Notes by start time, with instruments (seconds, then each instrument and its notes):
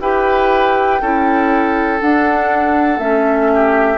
0.00 bassoon E4, clarinet G4, oboe B4, flute G5
1.01 bassoon C#4, clarinet E4, oboe A4
1.99 clarinet D4, bassoon D4, flute F#5
2.98 bassoon A3, clarinet C#4, flute E5
3.53 oboe G4